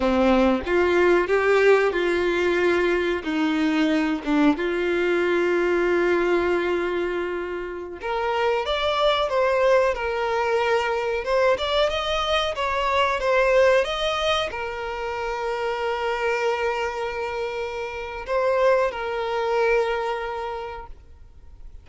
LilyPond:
\new Staff \with { instrumentName = "violin" } { \time 4/4 \tempo 4 = 92 c'4 f'4 g'4 f'4~ | f'4 dis'4. d'8 f'4~ | f'1~ | f'16 ais'4 d''4 c''4 ais'8.~ |
ais'4~ ais'16 c''8 d''8 dis''4 cis''8.~ | cis''16 c''4 dis''4 ais'4.~ ais'16~ | ais'1 | c''4 ais'2. | }